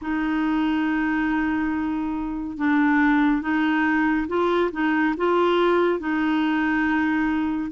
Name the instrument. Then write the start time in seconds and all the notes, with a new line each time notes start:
clarinet
0.01 D#4
2.57 D4
3.41 D#4
4.27 F4
4.71 D#4
5.17 F4
5.99 D#4